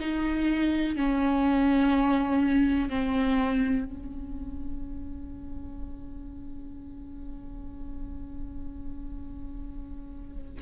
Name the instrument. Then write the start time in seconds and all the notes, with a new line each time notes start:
viola
0.00 D#4
0.96 C#4
2.90 C4
3.85 C#4